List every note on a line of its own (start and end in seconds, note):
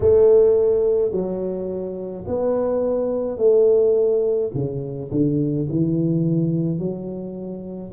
0.00 1.11 A3
1.11 2.24 F#3
2.27 3.37 B3
3.37 4.50 A3
4.53 5.10 C#3
5.11 5.68 D3
5.69 6.79 E3
6.79 7.92 F#3